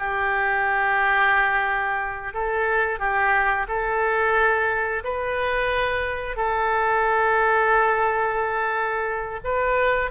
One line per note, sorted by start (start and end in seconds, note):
0.00 2.34 G4
2.34 3.00 A4
3.00 3.67 G4
3.69 5.03 A4
5.05 6.37 B4
6.37 9.40 A4
9.44 10.11 B4